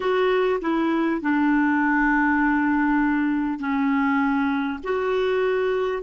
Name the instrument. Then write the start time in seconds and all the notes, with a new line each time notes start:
clarinet
0.00 F#4
0.61 E4
1.21 D4
3.59 C#4
4.83 F#4